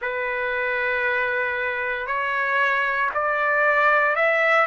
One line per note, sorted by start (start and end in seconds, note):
0.01 2.06 B4
2.06 3.10 C#5
3.14 4.15 D5
4.15 4.66 E5